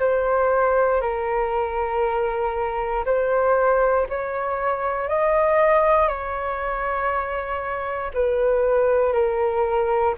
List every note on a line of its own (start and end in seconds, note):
0.00 1.01 C5
1.01 3.05 A#4
3.06 4.07 C5
4.10 5.09 C#5
5.09 6.08 D#5
6.08 8.12 C#5
8.14 9.13 B4
9.13 10.15 A#4